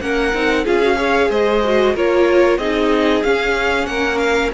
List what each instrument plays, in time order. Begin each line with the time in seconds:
0.00 cello A#3, viola C#4, violin A#4 F#5
0.33 cello C4, viola D#4
0.64 cello C#4, viola F4, violin G#4 F5
0.82 viola F#4
0.96 viola G#4, violin C#5
1.29 cello G#3, violin C5 D#5
1.64 viola F#4
1.94 cello A#3, viola F4, violin A#4 C#5
2.58 cello C4, viola D#4, violin G#4 D#5
3.23 viola C#4, cello C#4, violin F5
3.86 cello A#3, violin A#4 F#5
4.18 violin F5